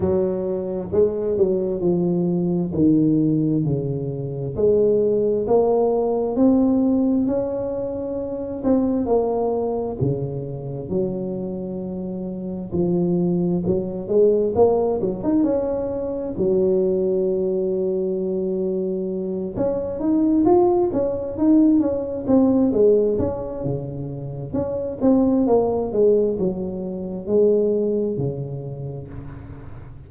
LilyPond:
\new Staff \with { instrumentName = "tuba" } { \time 4/4 \tempo 4 = 66 fis4 gis8 fis8 f4 dis4 | cis4 gis4 ais4 c'4 | cis'4. c'8 ais4 cis4 | fis2 f4 fis8 gis8 |
ais8 fis16 dis'16 cis'4 fis2~ | fis4. cis'8 dis'8 f'8 cis'8 dis'8 | cis'8 c'8 gis8 cis'8 cis4 cis'8 c'8 | ais8 gis8 fis4 gis4 cis4 | }